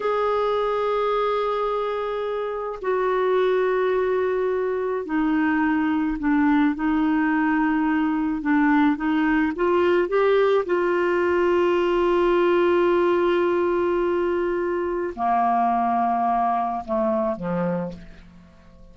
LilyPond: \new Staff \with { instrumentName = "clarinet" } { \time 4/4 \tempo 4 = 107 gis'1~ | gis'4 fis'2.~ | fis'4 dis'2 d'4 | dis'2. d'4 |
dis'4 f'4 g'4 f'4~ | f'1~ | f'2. ais4~ | ais2 a4 f4 | }